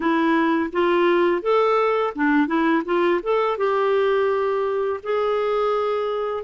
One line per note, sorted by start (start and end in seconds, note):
0.00 0.70 E4
0.72 1.42 F4
1.42 2.13 A4
2.15 2.47 D4
2.47 2.82 E4
2.85 3.20 F4
3.22 3.57 A4
3.57 5.00 G4
5.03 6.43 G#4